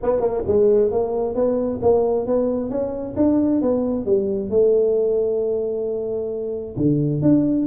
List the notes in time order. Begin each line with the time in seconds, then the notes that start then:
0.02 B3
0.20 A#3
0.47 G#3
0.91 A#3
1.34 B3
1.81 A#3
2.26 B3
2.70 C#4
3.16 D4
3.61 B3
4.05 G3
4.49 A3
6.77 D3
7.22 D4